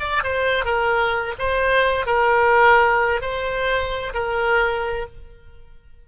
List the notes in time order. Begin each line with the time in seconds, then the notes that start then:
0.00 D5
0.23 C5
0.65 A#4
1.38 C5
2.06 A#4
3.21 C5
4.14 A#4